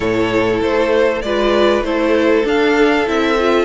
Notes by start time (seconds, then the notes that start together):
0.00 A2 E4 A4 C#5
0.61 A3 C5
1.22 G#3 F4 B4 D5
1.81 A3 E4 A4 C5
2.44 D4 F5
3.06 C4 E4 E5
3.39 F4